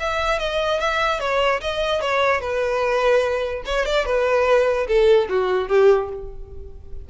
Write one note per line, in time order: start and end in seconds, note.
0.00 0.39 E5
0.39 0.80 D#5
0.80 1.20 E5
1.20 1.61 C#5
1.61 2.01 D#5
2.01 2.41 C#5
2.41 3.63 B4
3.65 3.86 C#5
3.86 4.05 D5
4.05 4.87 B4
4.87 5.28 A4
5.29 5.68 F#4
5.68 6.09 G4